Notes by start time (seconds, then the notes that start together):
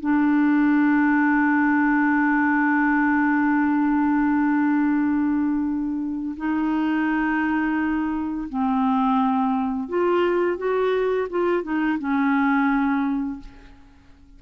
0.00 D4
6.37 D#4
8.49 C4
9.89 F4
10.57 F#4
11.30 F4
11.63 D#4
11.98 C#4